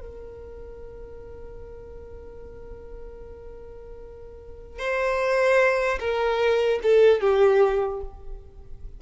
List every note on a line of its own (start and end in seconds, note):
0.00 4.79 A#4
4.79 5.99 C5
5.99 6.79 A#4
6.83 7.20 A4
7.20 8.00 G4